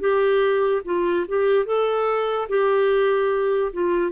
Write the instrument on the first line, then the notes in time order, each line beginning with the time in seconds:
clarinet
0.00 G4
0.85 F4
1.28 G4
1.66 A4
2.49 G4
3.72 F4